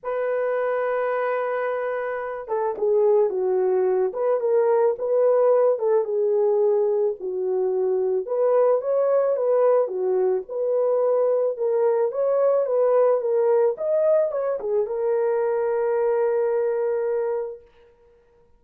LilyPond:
\new Staff \with { instrumentName = "horn" } { \time 4/4 \tempo 4 = 109 b'1~ | b'8 a'8 gis'4 fis'4. b'8 | ais'4 b'4. a'8 gis'4~ | gis'4 fis'2 b'4 |
cis''4 b'4 fis'4 b'4~ | b'4 ais'4 cis''4 b'4 | ais'4 dis''4 cis''8 gis'8 ais'4~ | ais'1 | }